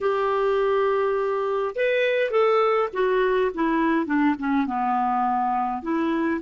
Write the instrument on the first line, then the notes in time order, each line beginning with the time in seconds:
clarinet
0.00 G4
1.75 B4
2.30 A4
2.93 F#4
3.54 E4
4.06 D4
4.38 C#4
4.66 B3
5.82 E4